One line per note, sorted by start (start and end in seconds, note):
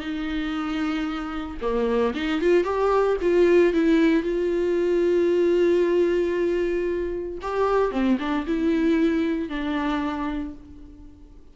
0.00 1.58 D#4
1.61 2.14 A#3
2.15 2.41 D#4
2.41 2.64 F4
2.64 3.17 G4
3.22 3.74 F4
3.74 4.23 E4
4.23 7.39 F4
7.42 7.92 G4
7.92 8.18 C4
8.20 8.46 D4
8.47 9.49 E4
9.49 10.55 D4